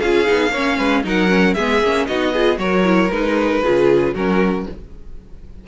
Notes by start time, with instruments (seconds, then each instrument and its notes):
0.00 cello C#4, viola F4, violin G#4 F5
0.26 cello B3, viola D#4
0.52 cello A#3, viola C#4, violin C#5
0.77 cello G#3, violin B4
1.04 cello F#3, viola D#4, violin A#4 F#5
1.29 viola C#4
1.54 cello G#3, viola B3, violin G#4 E5
1.83 cello A#3, viola C#4
2.07 cello B3, viola D#4, violin F#4 D#5
2.34 viola F4, violin G#4
2.58 cello F#3, viola F#4, violin A#4 C#5
2.85 viola E4
3.11 cello G#3, viola D#4, violin B4
3.63 cello C#3, viola F4, violin G#4
4.15 cello F#3, viola C#4, violin F#4 A#4